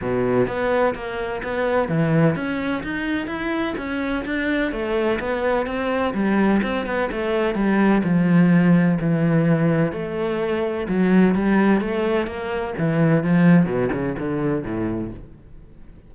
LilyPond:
\new Staff \with { instrumentName = "cello" } { \time 4/4 \tempo 4 = 127 b,4 b4 ais4 b4 | e4 cis'4 dis'4 e'4 | cis'4 d'4 a4 b4 | c'4 g4 c'8 b8 a4 |
g4 f2 e4~ | e4 a2 fis4 | g4 a4 ais4 e4 | f4 b,8 cis8 d4 a,4 | }